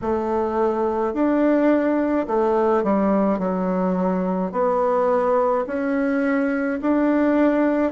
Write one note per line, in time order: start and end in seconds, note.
0.01 1.13 A3
1.13 2.26 D4
2.26 2.83 A3
2.83 3.39 G3
3.39 4.52 F#3
4.52 5.65 B3
5.67 6.80 C#4
6.81 7.92 D4